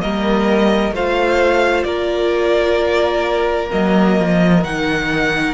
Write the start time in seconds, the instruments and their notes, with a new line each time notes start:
0.00 cello G3, viola A#3, violin A#4 D#5
0.92 cello A3, viola F4, violin C5 F5
1.83 cello A#3, violin A#4 D5
3.69 cello F#3, viola A#3, violin D#5
4.19 cello F3
4.63 cello D#3, viola D#4, violin F#5